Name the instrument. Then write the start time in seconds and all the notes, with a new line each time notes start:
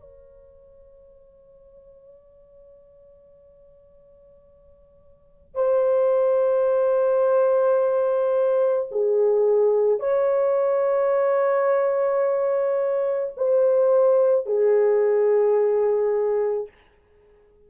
horn
0.00 C#5
5.55 C5
8.91 G#4
9.99 C#5
13.37 C5
14.45 G#4